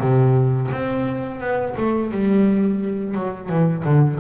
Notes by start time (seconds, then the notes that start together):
0.00 C3
0.71 C4
1.40 B3
1.77 A3
2.12 G3
3.15 F#3
3.49 E3
3.84 D3